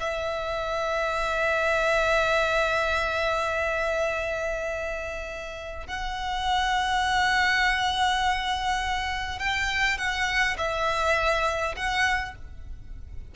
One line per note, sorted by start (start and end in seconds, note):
0.00 5.87 E5
5.87 9.39 F#5
9.39 9.98 G5
9.98 10.57 F#5
10.57 11.75 E5
11.76 12.35 F#5